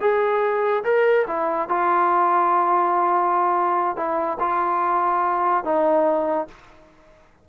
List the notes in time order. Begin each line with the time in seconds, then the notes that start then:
0.00 G#4
0.84 A#4
1.27 E4
1.69 F4
3.96 E4
4.40 F4
5.64 D#4